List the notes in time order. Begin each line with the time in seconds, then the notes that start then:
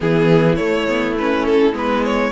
0.00 E3 B3 E4 G#4
0.55 A3 C#5
0.87 B3
1.18 C#4 B4
1.45 A4
1.72 G#3 B3 B4
2.04 C#5